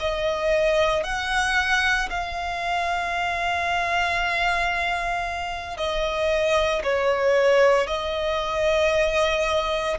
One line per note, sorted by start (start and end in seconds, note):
0.00 1.04 D#5
1.04 2.09 F#5
2.10 5.77 F5
5.77 6.82 D#5
6.83 7.87 C#5
7.87 9.98 D#5